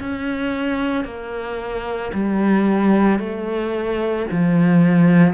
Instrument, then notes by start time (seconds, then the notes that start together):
cello
0.00 C#4
1.04 A#3
2.13 G3
3.19 A3
4.31 F3